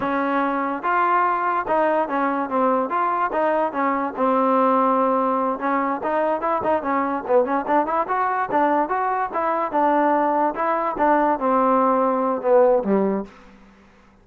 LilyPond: \new Staff \with { instrumentName = "trombone" } { \time 4/4 \tempo 4 = 145 cis'2 f'2 | dis'4 cis'4 c'4 f'4 | dis'4 cis'4 c'2~ | c'4. cis'4 dis'4 e'8 |
dis'8 cis'4 b8 cis'8 d'8 e'8 fis'8~ | fis'8 d'4 fis'4 e'4 d'8~ | d'4. e'4 d'4 c'8~ | c'2 b4 g4 | }